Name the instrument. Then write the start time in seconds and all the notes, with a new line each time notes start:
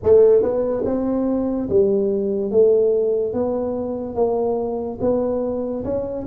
tuba
0.03 A3
0.42 B3
0.85 C4
1.69 G3
2.51 A3
3.33 B3
4.15 A#3
5.00 B3
5.84 C#4